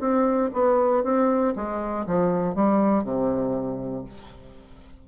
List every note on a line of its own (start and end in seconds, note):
0.00 0.50 C4
0.53 1.03 B3
1.03 1.54 C4
1.55 2.06 G#3
2.06 2.54 F3
2.54 3.03 G3
3.03 4.04 C3